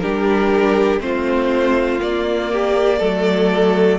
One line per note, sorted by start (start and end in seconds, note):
0.00 1.00 G3
0.00 1.00 D4
0.00 1.03 G4
0.00 1.00 A#4
1.00 2.00 A3
1.00 2.00 C4
1.00 2.53 F4
1.00 2.01 C5
2.00 3.00 A#3
2.00 3.01 A#3
2.00 4.00 D5
2.53 2.99 G4
2.99 4.00 F#3
2.99 4.00 A3
2.99 3.99 A4